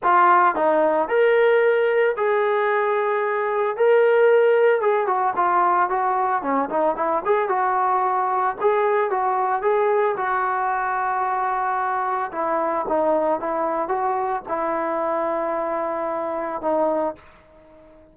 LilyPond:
\new Staff \with { instrumentName = "trombone" } { \time 4/4 \tempo 4 = 112 f'4 dis'4 ais'2 | gis'2. ais'4~ | ais'4 gis'8 fis'8 f'4 fis'4 | cis'8 dis'8 e'8 gis'8 fis'2 |
gis'4 fis'4 gis'4 fis'4~ | fis'2. e'4 | dis'4 e'4 fis'4 e'4~ | e'2. dis'4 | }